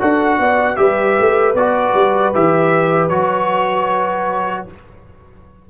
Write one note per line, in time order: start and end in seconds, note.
0.00 0.39 D4
0.00 0.77 F#4
0.00 0.39 A4
0.00 0.76 F#5
0.39 0.78 B3
0.39 0.79 D5
0.76 1.17 G3
0.76 1.55 G4
0.76 4.69 B4
0.76 1.54 E5
1.20 1.54 A3
1.54 1.93 B3
1.54 2.34 F#4
1.54 2.33 D5
1.94 2.32 G3
2.34 3.10 E3
2.34 3.11 G4
2.34 3.09 E5
3.09 4.66 F#3
3.09 4.67 F#4
3.09 4.65 C#5